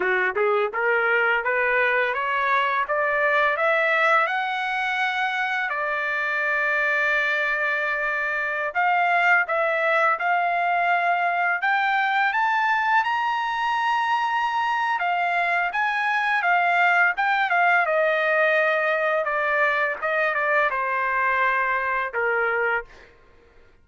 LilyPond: \new Staff \with { instrumentName = "trumpet" } { \time 4/4 \tempo 4 = 84 fis'8 gis'8 ais'4 b'4 cis''4 | d''4 e''4 fis''2 | d''1~ | d''16 f''4 e''4 f''4.~ f''16~ |
f''16 g''4 a''4 ais''4.~ ais''16~ | ais''4 f''4 gis''4 f''4 | g''8 f''8 dis''2 d''4 | dis''8 d''8 c''2 ais'4 | }